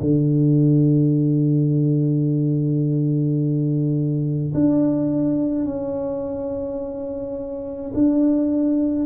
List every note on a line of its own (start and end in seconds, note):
0.00 4.53 D3
4.53 5.65 D4
5.65 7.91 C#4
7.93 9.05 D4